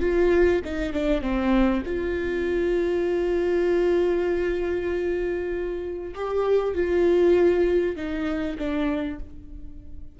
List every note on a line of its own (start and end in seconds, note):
0.00 0.61 F4
0.64 0.93 D#4
0.93 1.21 D4
1.21 1.82 C4
1.86 6.14 F4
6.14 6.74 G4
6.74 7.96 F4
7.96 8.57 D#4
8.58 9.19 D4